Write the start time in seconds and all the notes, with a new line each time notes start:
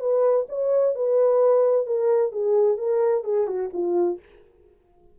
0.00 B4
0.49 C#5
0.95 B4
1.86 A#4
2.32 G#4
2.78 A#4
3.24 G#4
3.47 F#4
3.73 F4